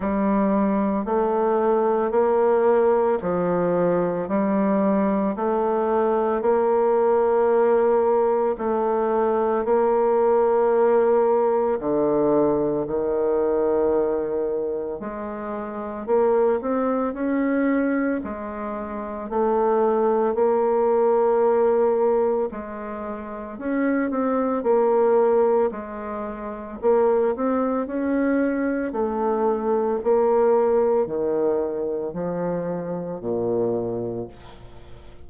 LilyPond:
\new Staff \with { instrumentName = "bassoon" } { \time 4/4 \tempo 4 = 56 g4 a4 ais4 f4 | g4 a4 ais2 | a4 ais2 d4 | dis2 gis4 ais8 c'8 |
cis'4 gis4 a4 ais4~ | ais4 gis4 cis'8 c'8 ais4 | gis4 ais8 c'8 cis'4 a4 | ais4 dis4 f4 ais,4 | }